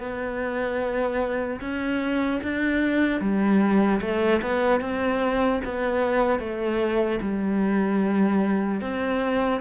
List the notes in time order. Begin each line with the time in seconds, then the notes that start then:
0.00 B3
1.61 C#4
2.43 D4
3.21 G3
4.01 A3
4.42 B3
4.81 C4
5.65 B3
6.40 A3
7.22 G3
8.81 C4